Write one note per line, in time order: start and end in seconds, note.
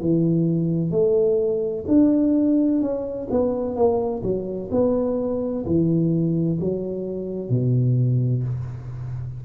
0.00 0.91 E3
0.91 1.85 A3
1.87 2.81 D4
2.81 3.28 C#4
3.30 3.75 B3
3.75 4.22 A#3
4.22 4.69 F#3
4.71 5.65 B3
5.65 6.59 E3
6.60 7.49 F#3
7.49 8.43 B2